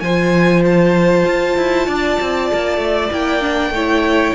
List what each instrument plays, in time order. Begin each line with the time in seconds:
0.00 cello F3, viola F4, violin C5 G#5
0.65 violin A5
1.26 cello F4
1.57 cello E4
1.87 cello D4, violin D5
2.20 cello C4
2.54 cello A#3
2.77 cello A3
3.11 cello A#3, viola E4, violin G5
3.41 viola D4
3.70 cello A3, viola E4, violin C#5